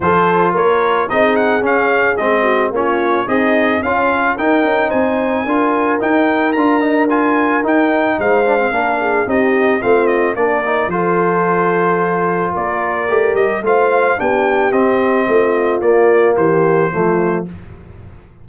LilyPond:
<<
  \new Staff \with { instrumentName = "trumpet" } { \time 4/4 \tempo 4 = 110 c''4 cis''4 dis''8 fis''8 f''4 | dis''4 cis''4 dis''4 f''4 | g''4 gis''2 g''4 | ais''4 gis''4 g''4 f''4~ |
f''4 dis''4 f''8 dis''8 d''4 | c''2. d''4~ | d''8 dis''8 f''4 g''4 dis''4~ | dis''4 d''4 c''2 | }
  \new Staff \with { instrumentName = "horn" } { \time 4/4 a'4 ais'4 gis'2~ | gis'8 fis'8 f'4 dis'4 cis'4 | ais'4 c''4 ais'2~ | ais'2. c''4 |
ais'8 gis'8 g'4 f'4 ais'4 | a'2. ais'4~ | ais'4 c''4 g'2 | f'2 g'4 f'4 | }
  \new Staff \with { instrumentName = "trombone" } { \time 4/4 f'2 dis'4 cis'4 | c'4 cis'4 gis'4 f'4 | dis'2 f'4 dis'4 | f'8 dis'8 f'4 dis'4. d'16 c'16 |
d'4 dis'4 c'4 d'8 dis'8 | f'1 | g'4 f'4 d'4 c'4~ | c'4 ais2 a4 | }
  \new Staff \with { instrumentName = "tuba" } { \time 4/4 f4 ais4 c'4 cis'4 | gis4 ais4 c'4 cis'4 | dis'8 cis'8 c'4 d'4 dis'4 | d'2 dis'4 gis4 |
ais4 c'4 a4 ais4 | f2. ais4 | a8 g8 a4 b4 c'4 | a4 ais4 e4 f4 | }
>>